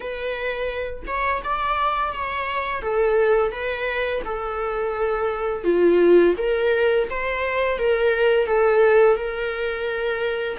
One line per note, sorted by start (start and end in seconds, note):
0.00 1.04 B4
1.06 1.41 C#5
1.43 2.12 D5
2.12 2.82 C#5
2.82 3.51 A4
3.51 4.22 B4
4.24 5.63 A4
5.63 6.34 F4
6.37 7.08 A#4
7.09 7.78 C5
7.78 8.46 A#4
8.46 9.16 A4
9.16 10.57 A#4